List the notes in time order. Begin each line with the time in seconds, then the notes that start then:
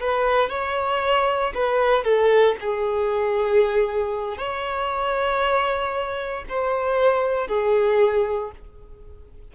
0.00 B4
0.49 C#5
1.54 B4
2.04 A4
2.60 G#4
4.37 C#5
6.48 C5
7.48 G#4